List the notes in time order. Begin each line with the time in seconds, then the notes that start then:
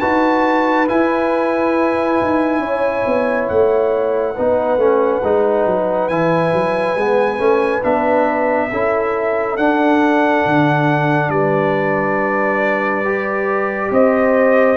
0.00 D#4 F#4 B4 A5
0.87 E4 G#5
2.22 D#4
2.59 C#4 C#5
3.06 B3
3.48 A3 F#5
4.35 B3 D#4 B4
4.77 A3 C#4
5.23 G#3 D#4
5.66 F#3
6.09 E3 E4 G#5
6.53 F#3
6.96 G#3 B3
7.38 A3 C#4
7.84 B3 D4 E5
8.72 C#4 E4 A4
9.57 D4 F#5
10.46 D3
11.30 G3 B4 D5
13.05 G4
13.91 C4 C5 D#5